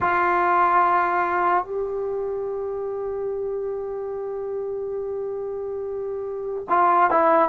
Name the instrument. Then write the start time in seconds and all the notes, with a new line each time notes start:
trombone
0.00 F4
1.64 G4
6.69 F4
7.10 E4